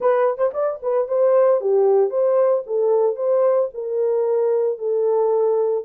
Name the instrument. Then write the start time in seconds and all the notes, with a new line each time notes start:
horn
0.00 B4
0.37 C5
0.53 D5
0.82 B4
1.08 C5
1.60 G4
2.10 C5
2.66 A4
3.16 C5
3.74 A#4
4.78 A4